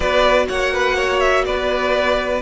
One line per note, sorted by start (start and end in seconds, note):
0.00 0.48 B3
0.00 2.41 F#4
0.00 0.45 B4
0.00 0.46 D5
0.48 1.47 A#3
0.48 0.73 C#5
0.48 1.20 F#5
0.73 0.96 B4
0.96 1.44 C#5
1.20 1.44 E5
1.45 2.41 B3
1.45 2.41 B4
1.45 2.41 D5